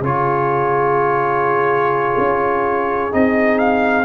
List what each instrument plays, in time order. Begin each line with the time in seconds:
0.00 tuba C#3, trombone F4, horn G#4, trumpet C#5
2.18 tuba C#4
3.11 tuba C4, trombone D#4, trumpet D#5
3.59 trumpet F5